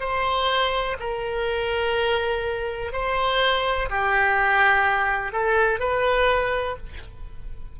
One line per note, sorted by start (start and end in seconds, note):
0.00 0.97 C5
0.99 2.92 A#4
2.92 3.89 C5
3.89 5.32 G4
5.32 5.80 A4
5.80 6.77 B4